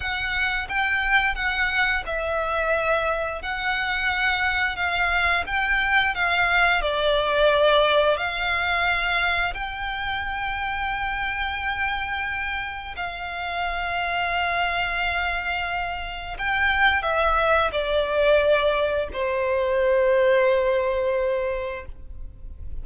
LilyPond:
\new Staff \with { instrumentName = "violin" } { \time 4/4 \tempo 4 = 88 fis''4 g''4 fis''4 e''4~ | e''4 fis''2 f''4 | g''4 f''4 d''2 | f''2 g''2~ |
g''2. f''4~ | f''1 | g''4 e''4 d''2 | c''1 | }